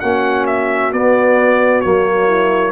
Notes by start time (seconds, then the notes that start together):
0.00 A#3 C#4 F#4 F#5
0.46 E5
0.92 B3 D5
1.81 F#3 A#3 C#5
2.27 E4